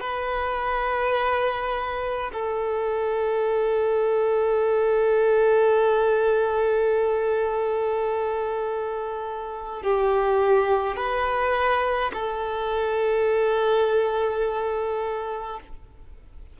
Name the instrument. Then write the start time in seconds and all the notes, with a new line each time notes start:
violin
0.00 B4
2.33 A4
9.83 G4
10.96 B4
12.14 A4